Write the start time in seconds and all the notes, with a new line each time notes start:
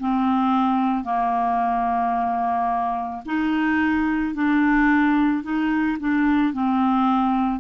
0.00 C4
1.05 A#3
3.26 D#4
4.35 D4
5.43 D#4
6.00 D4
6.54 C4